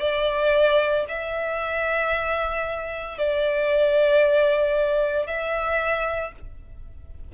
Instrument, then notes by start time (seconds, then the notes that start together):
violin
0.00 D5
1.08 E5
3.18 D5
5.26 E5